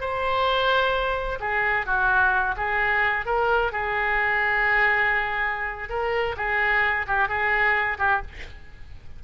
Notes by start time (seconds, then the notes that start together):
0.00 C5
1.40 G#4
1.86 F#4
2.57 G#4
3.26 A#4
3.72 G#4
5.89 A#4
6.37 G#4
7.07 G4
7.28 G#4
7.98 G4